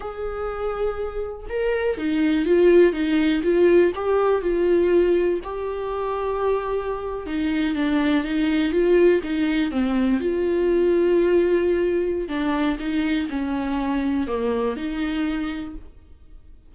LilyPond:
\new Staff \with { instrumentName = "viola" } { \time 4/4 \tempo 4 = 122 gis'2. ais'4 | dis'4 f'4 dis'4 f'4 | g'4 f'2 g'4~ | g'2~ g'8. dis'4 d'16~ |
d'8. dis'4 f'4 dis'4 c'16~ | c'8. f'2.~ f'16~ | f'4 d'4 dis'4 cis'4~ | cis'4 ais4 dis'2 | }